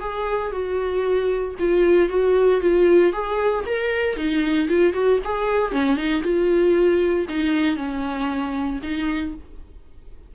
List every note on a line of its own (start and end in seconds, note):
0.00 0.51 G#4
0.51 1.55 F#4
1.59 2.09 F4
2.09 2.61 F#4
2.61 3.12 F4
3.13 3.64 G#4
3.66 4.16 A#4
4.16 4.68 D#4
4.68 4.93 F4
4.93 5.19 F#4
5.24 5.72 G#4
5.72 5.96 C#4
5.96 6.22 D#4
6.23 7.26 F4
7.28 7.76 D#4
7.76 8.80 C#4
8.82 9.34 D#4